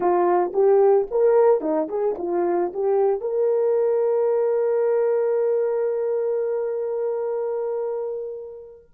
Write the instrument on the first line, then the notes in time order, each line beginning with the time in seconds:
horn
0.00 F4
0.53 G4
1.10 A#4
1.60 D#4
1.88 G#4
2.18 F4
2.73 G4
3.20 A#4